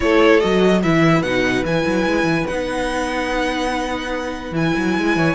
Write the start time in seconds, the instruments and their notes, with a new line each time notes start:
0.00 cello A3, viola E4, violin A4 C#5
0.39 cello F#3, viola F#4, violin D#5
0.82 cello E3, viola E4, violin B4 E5
1.22 cello B2, viola D#4, violin F#5
1.63 cello E3, viola E4, violin G#5
1.86 cello F#3
2.06 cello G#3
2.23 cello E3
2.47 cello B3, viola D#4, violin F#5
4.51 cello E3, viola E4, violin G#5
4.77 cello F#3
4.97 cello G#3
5.16 cello E3, violin C#5